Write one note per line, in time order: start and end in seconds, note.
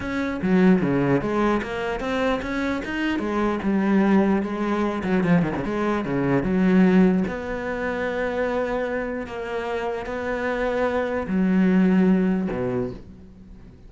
0.00 0.40 C#4
0.42 0.81 F#3
0.81 1.21 C#3
1.21 1.61 G#3
1.62 2.00 A#3
2.00 2.40 C4
2.42 2.82 C#4
2.85 3.19 D#4
3.19 3.59 G#3
3.62 4.42 G3
4.42 5.03 G#3
5.03 5.23 F#3
5.23 5.42 F3
5.42 5.52 D#3
5.56 5.64 C#3
5.64 6.04 G#3
6.04 6.43 C#3
6.43 7.23 F#3
7.27 9.26 B3
9.26 10.06 A#3
10.06 11.26 B3
11.27 12.48 F#3
12.50 12.91 B2